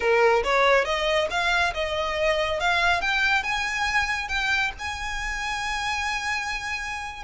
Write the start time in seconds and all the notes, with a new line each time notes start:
0.00 A#4
0.43 C#5
0.84 D#5
1.30 F5
1.73 D#5
2.60 F5
3.01 G5
3.43 G#5
4.28 G5
4.78 G#5